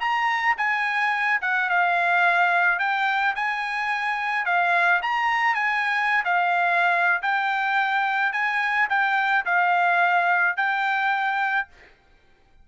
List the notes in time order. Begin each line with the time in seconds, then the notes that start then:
0.00 A#5
0.57 G#5
1.42 F#5
1.69 F5
2.79 G5
3.35 G#5
4.45 F5
5.02 A#5
5.55 G#5
6.24 F5
7.22 G5
8.33 G#5
8.89 G5
9.45 F5
10.57 G5